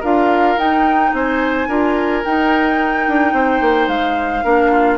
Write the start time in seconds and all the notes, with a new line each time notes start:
0.00 D4 F4 A#4 F5
0.57 D#4 G5
1.13 C4 C5 G#5
1.68 D4 F4 A#4
2.25 D#4 G5
3.08 D4
3.33 C4 C5
3.61 A#3
3.88 G#3 F5
4.44 A#3 D4 A#4
4.71 F4